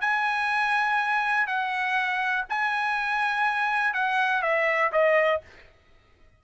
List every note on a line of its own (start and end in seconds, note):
0.00 1.46 G#5
1.46 2.45 F#5
2.49 3.93 G#5
3.93 4.42 F#5
4.42 4.91 E5
4.92 5.41 D#5